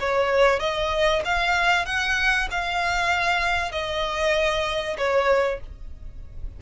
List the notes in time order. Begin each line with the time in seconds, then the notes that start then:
0.00 C#5
0.60 D#5
1.25 F5
1.86 F#5
2.51 F5
3.72 D#5
4.97 C#5